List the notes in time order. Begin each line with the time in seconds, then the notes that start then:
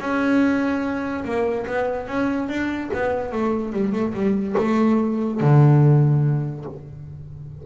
0.00 C#4
1.24 A#3
1.66 B3
2.07 C#4
2.49 D4
2.93 B3
3.32 A3
3.72 G3
3.93 A3
4.14 G3
4.58 A3
5.41 D3